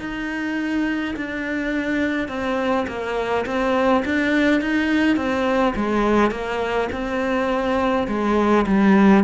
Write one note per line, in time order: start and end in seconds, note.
0.00 1.15 D#4
1.17 2.29 D4
2.29 2.86 C4
2.88 3.46 A#3
3.46 4.04 C4
4.05 4.62 D4
4.62 5.17 D#4
5.17 5.75 C4
5.76 6.31 G#3
6.31 6.89 A#3
6.92 8.08 C4
8.08 8.66 G#3
8.67 9.24 G3